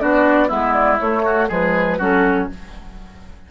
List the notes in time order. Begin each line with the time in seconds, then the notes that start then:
0.00 B3 D4 F#4 D5
0.48 G#3 B3 E4 E5
0.74 D5
1.00 A3 C#5
1.26 F#4
1.48 F3 G#3 G#4 B4
1.98 F#3 C#4 F#4 A4